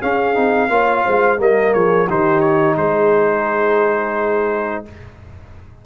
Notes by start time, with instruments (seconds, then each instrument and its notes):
0.00 trombone C#4, tuba C#4, horn G#4, trumpet F5
0.34 tuba C4, trombone D#4
0.69 tuba A#3, trombone F4, horn C#5
1.05 tuba G#3, horn C5
1.38 tuba G3, trombone A#3, horn A#4, trumpet D#5
1.73 tuba F3, horn G#4, trumpet C#5
2.07 tuba D#3, trombone D#4, horn G4, trumpet C5
2.40 trumpet C#5
2.76 tuba G#3, horn G#4, trumpet C5